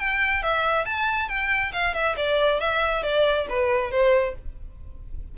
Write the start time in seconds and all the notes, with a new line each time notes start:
0.00 G5
0.43 E5
0.86 A5
1.29 G5
1.73 F5
1.94 E5
2.17 D5
2.61 E5
3.04 D5
3.50 B4
3.92 C5